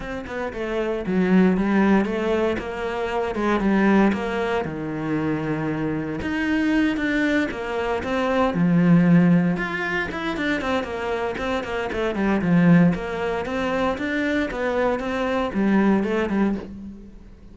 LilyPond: \new Staff \with { instrumentName = "cello" } { \time 4/4 \tempo 4 = 116 c'8 b8 a4 fis4 g4 | a4 ais4. gis8 g4 | ais4 dis2. | dis'4. d'4 ais4 c'8~ |
c'8 f2 f'4 e'8 | d'8 c'8 ais4 c'8 ais8 a8 g8 | f4 ais4 c'4 d'4 | b4 c'4 g4 a8 g8 | }